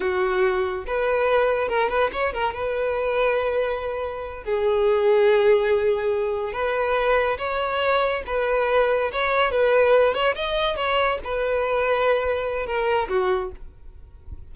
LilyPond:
\new Staff \with { instrumentName = "violin" } { \time 4/4 \tempo 4 = 142 fis'2 b'2 | ais'8 b'8 cis''8 ais'8 b'2~ | b'2~ b'8 gis'4.~ | gis'2.~ gis'8 b'8~ |
b'4. cis''2 b'8~ | b'4. cis''4 b'4. | cis''8 dis''4 cis''4 b'4.~ | b'2 ais'4 fis'4 | }